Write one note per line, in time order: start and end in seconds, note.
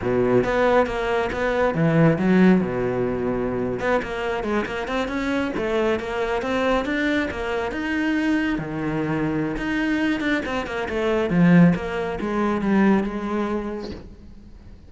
0.01 0.44 B2
0.44 0.86 B3
0.86 1.29 A#3
1.32 1.74 B3
1.74 2.18 E3
2.18 2.60 F#3
2.60 3.79 B2
3.79 4.01 B3
4.02 4.43 A#3
4.43 4.65 G#3
4.65 4.87 A#3
4.87 5.08 C4
5.08 5.51 C#4
5.57 5.99 A3
5.99 6.42 A#3
6.42 6.85 C4
6.85 7.28 D4
7.30 7.71 A#3
7.71 8.58 D#4
8.58 9.56 D#3
9.56 10.20 D#4
10.20 10.42 D4
10.45 10.66 C4
10.66 10.88 A#3
10.88 11.30 A3
11.30 11.73 F3
11.75 12.18 A#3
12.20 12.61 G#3
12.61 13.03 G3
13.03 13.90 G#3